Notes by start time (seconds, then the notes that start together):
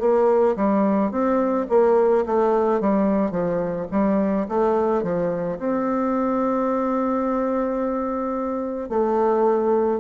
0.00 A#3
0.56 G3
1.11 C4
1.69 A#3
2.26 A3
2.81 G3
3.31 F3
3.91 G3
4.48 A3
5.03 F3
5.59 C4
8.89 A3